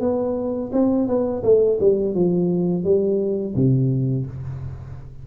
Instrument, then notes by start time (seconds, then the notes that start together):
tuba
0.00 B3
0.72 C4
1.07 B3
1.43 A3
1.80 G3
2.14 F3
2.84 G3
3.55 C3